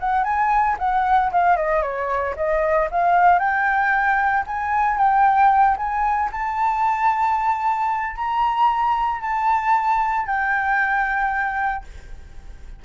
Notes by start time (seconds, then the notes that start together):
0.00 F#5
0.24 G#5
0.78 F#5
1.32 F5
1.57 D#5
1.82 C#5
2.36 D#5
2.91 F5
3.39 G5
4.47 G#5
4.98 G5
5.77 G#5
6.32 A5
8.16 A#5
9.21 A5
10.26 G5